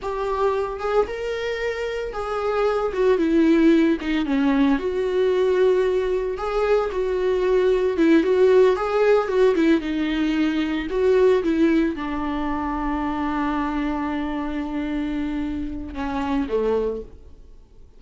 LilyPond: \new Staff \with { instrumentName = "viola" } { \time 4/4 \tempo 4 = 113 g'4. gis'8 ais'2 | gis'4. fis'8 e'4. dis'8 | cis'4 fis'2. | gis'4 fis'2 e'8 fis'8~ |
fis'8 gis'4 fis'8 e'8 dis'4.~ | dis'8 fis'4 e'4 d'4.~ | d'1~ | d'2 cis'4 a4 | }